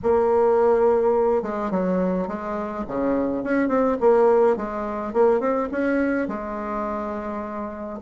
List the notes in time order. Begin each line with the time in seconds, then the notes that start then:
0.02 A#3
1.42 G#3
1.71 F#3
2.27 G#3
2.87 C#3
3.43 C#4
3.68 C4
4.00 A#3
4.56 G#3
5.13 A#3
5.39 C4
5.71 C#4
6.28 G#3